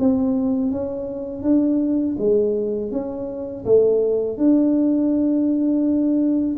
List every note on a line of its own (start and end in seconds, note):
0.00 0.72 C4
0.72 1.43 C#4
1.43 2.16 D4
2.19 2.92 G#3
2.92 3.65 C#4
3.66 4.38 A3
4.38 6.58 D4